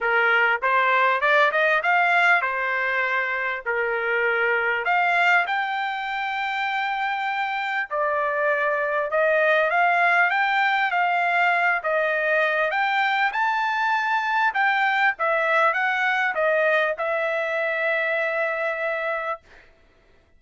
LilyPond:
\new Staff \with { instrumentName = "trumpet" } { \time 4/4 \tempo 4 = 99 ais'4 c''4 d''8 dis''8 f''4 | c''2 ais'2 | f''4 g''2.~ | g''4 d''2 dis''4 |
f''4 g''4 f''4. dis''8~ | dis''4 g''4 a''2 | g''4 e''4 fis''4 dis''4 | e''1 | }